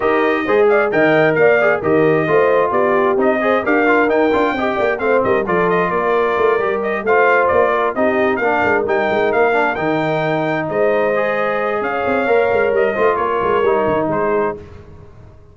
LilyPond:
<<
  \new Staff \with { instrumentName = "trumpet" } { \time 4/4 \tempo 4 = 132 dis''4. f''8 g''4 f''4 | dis''2 d''4 dis''4 | f''4 g''2 f''8 dis''8 | d''8 dis''8 d''2 dis''8 f''8~ |
f''8 d''4 dis''4 f''4 g''8~ | g''8 f''4 g''2 dis''8~ | dis''2 f''2 | dis''4 cis''2 c''4 | }
  \new Staff \with { instrumentName = "horn" } { \time 4/4 ais'4 c''8 d''8 dis''4 d''4 | ais'4 c''4 g'4. c''8 | ais'2 dis''8 d''8 c''8 ais'8 | a'4 ais'2~ ais'8 c''8~ |
c''4 ais'8 g'4 ais'4.~ | ais'2.~ ais'8 c''8~ | c''2 cis''2~ | cis''8 c''8 ais'2 gis'4 | }
  \new Staff \with { instrumentName = "trombone" } { \time 4/4 g'4 gis'4 ais'4. gis'8 | g'4 f'2 dis'8 gis'8 | g'8 f'8 dis'8 f'8 g'4 c'4 | f'2~ f'8 g'4 f'8~ |
f'4. dis'4 d'4 dis'8~ | dis'4 d'8 dis'2~ dis'8~ | dis'8 gis'2~ gis'8 ais'4~ | ais'8 f'4. dis'2 | }
  \new Staff \with { instrumentName = "tuba" } { \time 4/4 dis'4 gis4 dis4 ais4 | dis4 a4 b4 c'4 | d'4 dis'8 d'8 c'8 ais8 a8 g8 | f4 ais4 a8 g4 a8~ |
a8 ais4 c'4 ais8 gis8 g8 | gis8 ais4 dis2 gis8~ | gis2 cis'8 c'8 ais8 gis8 | g8 a8 ais8 gis8 g8 dis8 gis4 | }
>>